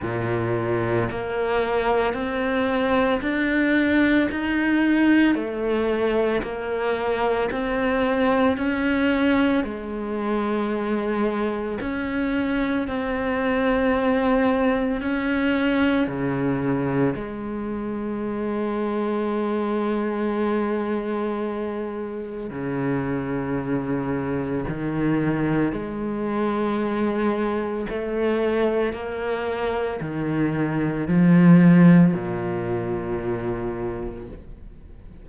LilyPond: \new Staff \with { instrumentName = "cello" } { \time 4/4 \tempo 4 = 56 ais,4 ais4 c'4 d'4 | dis'4 a4 ais4 c'4 | cis'4 gis2 cis'4 | c'2 cis'4 cis4 |
gis1~ | gis4 cis2 dis4 | gis2 a4 ais4 | dis4 f4 ais,2 | }